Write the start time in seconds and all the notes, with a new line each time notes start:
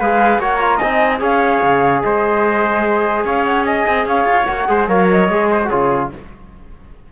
0.00 G#3 G#4 B4 F5
0.38 A#3 F#4 C#5 F#5
0.54 A#5
0.60 F4
0.77 C4 D#5 G#5
0.83 D#4
1.19 C#4 G#4 C#5 F5
1.62 C#3
2.02 G#3 C5 D#5
3.24 C#4 C#5 F5
3.44 F#5
3.65 D#5 G#5
3.87 C4
4.06 C#4 C#5 F5
4.25 F4
4.45 A#3 F#4 F#5
4.68 G#3 G#4 C5
4.88 F#3 A#4 C#5 F5
5.11 D#5
5.29 G#3 G#4
5.51 C5
5.64 F#4 G#4 C#5
5.71 C#3 F4